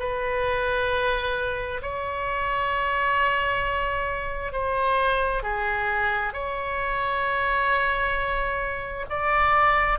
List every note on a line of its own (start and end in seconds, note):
0.00 1.82 B4
1.83 4.53 C#5
4.53 5.43 C5
5.43 6.33 G#4
6.33 9.06 C#5
9.10 9.99 D5